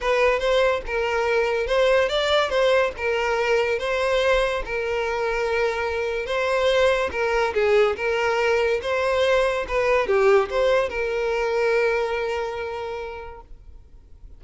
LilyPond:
\new Staff \with { instrumentName = "violin" } { \time 4/4 \tempo 4 = 143 b'4 c''4 ais'2 | c''4 d''4 c''4 ais'4~ | ais'4 c''2 ais'4~ | ais'2. c''4~ |
c''4 ais'4 gis'4 ais'4~ | ais'4 c''2 b'4 | g'4 c''4 ais'2~ | ais'1 | }